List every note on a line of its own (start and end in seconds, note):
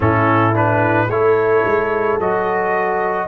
0.00 1.07 A2
0.00 0.53 C#4
0.00 1.10 E4
0.00 0.55 A4
0.53 1.08 D4
0.53 1.10 B4
1.07 1.61 A3
1.07 2.20 E4
1.07 2.19 C#5
1.13 3.27 A4
1.65 2.18 G#3
2.18 3.27 F#3
2.18 3.27 F#4
2.18 3.27 D#5